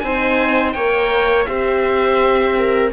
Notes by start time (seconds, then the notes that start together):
0.00 C4 D#4 C5 G#5
0.73 A#3 A#4 C#5 G5
1.45 C4 G4 C5 E5
2.58 A#4